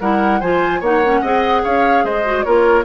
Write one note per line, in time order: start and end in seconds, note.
0.00 0.41 G3
0.00 0.42 E4
0.00 0.40 A#4
0.00 0.40 F#5
0.40 0.80 F3
0.40 0.83 F4
0.40 0.80 C5
0.40 0.81 G#5
0.80 1.21 A#3
0.80 1.03 D#4
0.80 1.20 C#5
0.80 1.64 F#5
1.04 1.24 C#4
1.21 1.63 C4
1.21 2.24 G#4
1.21 1.62 D#5
1.63 2.03 C#4
1.63 2.04 C#5
1.63 2.05 F5
2.03 2.44 G#3
2.03 2.45 C5
2.03 2.43 D#5
2.24 2.44 F#4
2.43 2.84 A#3
2.43 2.84 F4
2.43 2.84 A#4
2.43 2.84 C#5